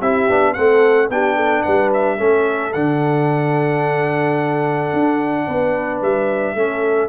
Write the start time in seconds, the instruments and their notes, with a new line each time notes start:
0.00 tuba C4, trombone E4, horn G4, trumpet E5
0.29 tuba B3, trombone D4
0.54 tuba A3, trombone C4, horn A4, trumpet F#5
1.09 tuba B3, trombone D4, horn G4, trumpet G5
1.36 horn A4
1.63 tuba G3, horn B4, trumpet F#5
1.93 trumpet E5
2.17 tuba A3, trombone C#4, horn A4
2.73 tuba D3, trombone D4, trumpet F#5
4.93 tuba D4
5.47 tuba B3, horn B4
6.01 tuba G3, trumpet E5
6.55 tuba A3, trombone C#4, horn A4